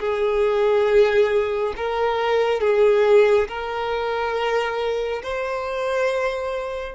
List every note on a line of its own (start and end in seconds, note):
0.00 1.74 G#4
1.77 2.61 A#4
2.61 3.48 G#4
3.48 5.22 A#4
5.23 6.95 C5